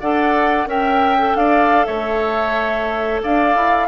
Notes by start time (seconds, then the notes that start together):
0.00 D4 A4 D5 F#5
0.66 C#4 A#4 E5 G5
1.18 A4
1.35 D4 D5 F5
1.85 A3 C#5 E5
3.23 D4 D5 F5
3.55 E4